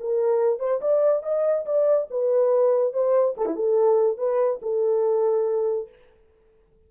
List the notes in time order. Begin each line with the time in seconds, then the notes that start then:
0.00 A#4
0.59 C5
0.81 D5
1.23 D#5
1.66 D5
2.11 B4
2.93 C5
3.37 A4
3.46 E4
3.56 A4
4.18 B4
4.62 A4